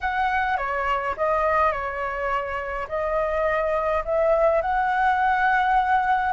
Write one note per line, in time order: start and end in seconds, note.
0.00 0.57 F#5
0.57 1.15 C#5
1.16 1.72 D#5
1.72 2.87 C#5
2.88 4.04 D#5
4.04 4.61 E5
4.61 6.33 F#5